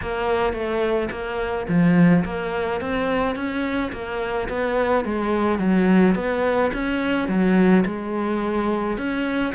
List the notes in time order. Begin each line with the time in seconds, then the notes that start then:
0.01 A#3
0.53 A3
1.11 A#3
1.68 F3
2.24 A#3
2.80 C4
3.35 C#4
3.92 A#3
4.48 B3
5.04 G#3
5.58 F#3
6.15 B3
6.73 C#4
7.28 F#3
7.85 G#3
8.97 C#4